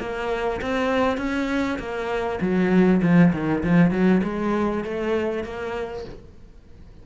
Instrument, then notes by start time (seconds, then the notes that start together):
cello
0.00 A#3
0.61 C4
1.18 C#4
1.79 A#3
2.41 F#3
3.02 F3
3.33 D#3
3.64 F3
3.91 F#3
4.24 G#3
4.84 A3
5.44 A#3